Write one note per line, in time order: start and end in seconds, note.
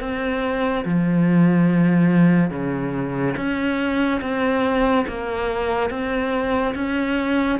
0.00 0.85 C4
0.85 2.50 F3
2.50 3.35 C#3
3.36 4.21 C#4
4.21 5.06 C4
5.08 5.90 A#3
5.90 6.75 C4
6.75 7.59 C#4